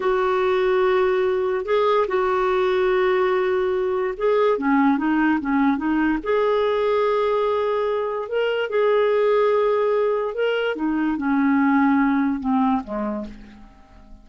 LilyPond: \new Staff \with { instrumentName = "clarinet" } { \time 4/4 \tempo 4 = 145 fis'1 | gis'4 fis'2.~ | fis'2 gis'4 cis'4 | dis'4 cis'4 dis'4 gis'4~ |
gis'1 | ais'4 gis'2.~ | gis'4 ais'4 dis'4 cis'4~ | cis'2 c'4 gis4 | }